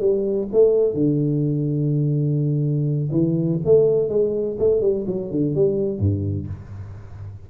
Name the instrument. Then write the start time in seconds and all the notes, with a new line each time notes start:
tuba
0.00 G3
0.53 A3
0.94 D3
3.11 E3
3.65 A3
4.09 G#3
4.59 A3
4.81 G3
5.07 F#3
5.31 D3
5.55 G3
5.99 G2